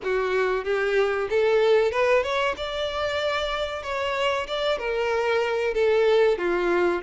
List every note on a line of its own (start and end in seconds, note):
0.03 0.64 F#4
0.64 1.28 G4
1.29 1.91 A4
1.91 2.23 B4
2.23 2.55 C#5
2.56 3.82 D5
3.82 4.46 C#5
4.47 4.78 D5
4.78 5.74 A#4
5.74 6.37 A4
6.38 7.02 F4